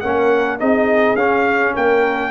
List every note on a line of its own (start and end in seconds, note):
0.00 0.61 A#3
0.00 0.59 C#4
0.00 0.60 A#4
0.00 0.58 F#5
0.59 1.15 C4
0.59 1.17 D#4
0.59 1.74 G#4
0.59 1.16 D#5
1.15 1.73 C#4
1.15 2.31 C#4
1.15 1.74 F5
1.74 2.31 A#3
1.74 2.31 A#4
1.74 2.31 G5